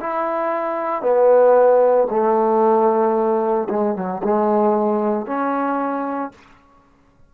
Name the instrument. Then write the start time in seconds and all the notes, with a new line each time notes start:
trombone
0.00 E4
1.02 B3
2.10 A3
3.69 G#3
3.95 F#3
4.23 G#3
5.26 C#4